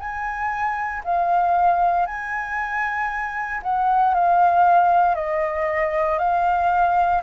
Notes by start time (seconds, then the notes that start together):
0.00 G#5
1.04 F5
2.07 G#5
3.63 F#5
4.15 F5
5.15 D#5
6.19 F5